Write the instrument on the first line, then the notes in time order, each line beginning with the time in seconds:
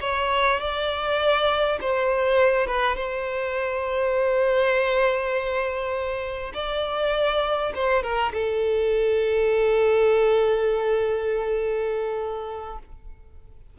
violin
0.00 C#5
0.59 D5
1.80 C5
2.67 B4
2.95 C5
6.53 D5
7.74 C5
8.02 A#4
8.33 A4